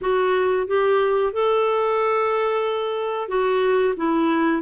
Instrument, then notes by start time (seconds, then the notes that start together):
clarinet
0.01 F#4
0.67 G4
1.32 A4
3.28 F#4
3.96 E4